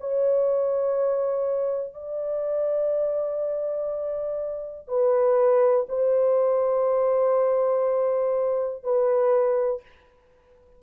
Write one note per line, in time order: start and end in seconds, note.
0.00 1.93 C#5
1.93 4.88 D5
4.88 5.86 B4
5.88 8.83 C5
8.83 9.82 B4